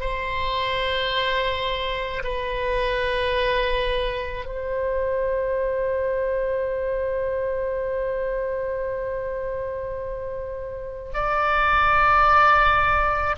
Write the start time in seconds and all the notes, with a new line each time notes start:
0.00 C5
2.23 B4
4.45 C5
11.14 D5